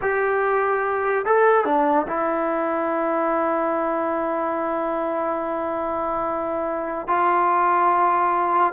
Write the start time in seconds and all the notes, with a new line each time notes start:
0.01 G4
1.25 A4
1.65 D4
2.07 E4
7.07 F4